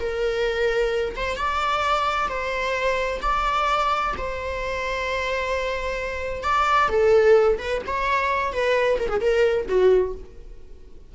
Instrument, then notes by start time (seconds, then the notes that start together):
viola
0.00 A#4
1.16 C5
1.36 D5
2.28 C5
3.22 D5
4.18 C5
6.43 D5
6.89 A4
7.58 B4
7.87 C#5
8.53 B4
8.99 A#4
9.09 G#4
9.21 A#4
9.68 F#4